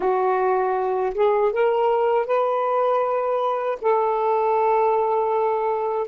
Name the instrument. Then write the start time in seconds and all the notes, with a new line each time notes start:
saxophone
0.00 F#4
1.14 G#4
1.52 A#4
2.26 B4
3.81 A4